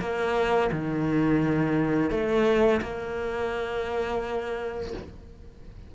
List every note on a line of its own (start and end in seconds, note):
0.00 0.71 A#3
0.72 2.10 D#3
2.10 2.81 A3
2.82 4.93 A#3